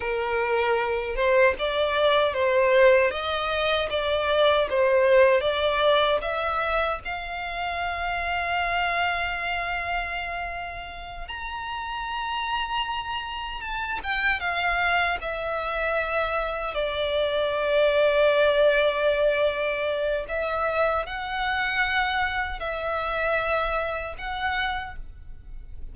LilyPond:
\new Staff \with { instrumentName = "violin" } { \time 4/4 \tempo 4 = 77 ais'4. c''8 d''4 c''4 | dis''4 d''4 c''4 d''4 | e''4 f''2.~ | f''2~ f''8 ais''4.~ |
ais''4. a''8 g''8 f''4 e''8~ | e''4. d''2~ d''8~ | d''2 e''4 fis''4~ | fis''4 e''2 fis''4 | }